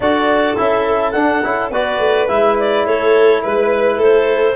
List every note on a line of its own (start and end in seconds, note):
0.00 0.55 D4
0.00 0.56 F#4
0.00 1.71 A4
0.00 0.57 D5
0.56 1.14 C#4
0.56 1.13 E4
0.56 1.11 E5
1.11 1.42 D4
1.11 1.43 D4
1.11 1.68 F#5
1.43 1.70 C#4
1.43 1.71 E4
1.70 1.99 B3
1.70 2.28 F#4
1.70 2.85 B4
1.70 2.28 D5
1.99 2.27 A3
2.28 2.86 G#3
2.28 4.55 E4
2.28 2.56 E5
2.59 2.86 D5
2.86 3.43 A3
2.86 3.43 A4
2.86 3.43 C#5
3.43 3.98 G#3
3.43 3.97 B4
3.43 4.01 B4
3.97 4.55 A3
3.97 4.54 A4
3.97 4.55 C5